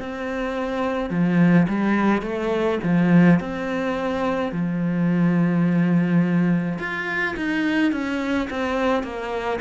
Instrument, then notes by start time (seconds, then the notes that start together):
cello
0.00 C4
1.10 F3
1.69 G3
2.22 A3
2.84 F3
3.40 C4
4.52 F3
6.79 F4
7.36 D#4
7.92 C#4
8.50 C4
9.03 A#3